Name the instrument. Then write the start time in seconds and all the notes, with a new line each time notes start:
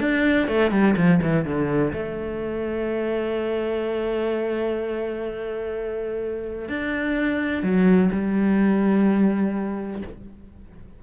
cello
0.00 D4
0.48 A3
0.71 G3
0.97 F3
1.23 E3
1.45 D3
1.93 A3
6.69 D4
7.63 F#3
8.12 G3